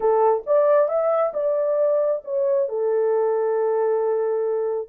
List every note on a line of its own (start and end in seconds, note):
0.00 0.43 A4
0.46 0.88 D5
0.88 1.32 E5
1.33 2.22 D5
2.24 2.68 C#5
2.68 4.88 A4